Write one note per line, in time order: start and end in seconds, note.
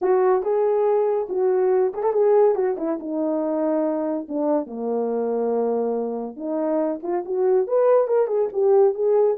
0.01 0.42 F#4
0.42 1.27 G#4
1.29 1.93 F#4
1.93 2.03 G#4
2.03 2.13 A4
2.13 2.55 G#4
2.55 2.76 F#4
2.77 2.98 E4
2.99 4.27 D#4
4.28 4.66 D4
4.66 6.36 A#3
6.36 7.00 D#4
7.02 7.24 F4
7.25 7.67 F#4
7.67 8.07 B4
8.07 8.27 A#4
8.27 8.48 G#4
8.52 8.94 G4
8.94 9.37 G#4